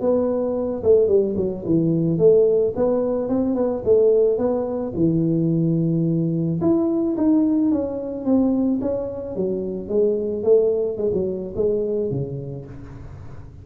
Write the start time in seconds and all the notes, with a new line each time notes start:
0.00 B3
0.83 A3
1.07 G3
1.36 F#3
1.65 E3
2.18 A3
2.75 B3
3.28 C4
3.55 B3
3.84 A3
4.37 B3
4.95 E3
6.61 E4
7.17 D#4
7.71 C#4
8.24 C4
8.81 C#4
9.36 F#3
9.88 G#3
10.43 A3
10.97 G#3
11.13 F#3
11.55 G#3
12.10 C#3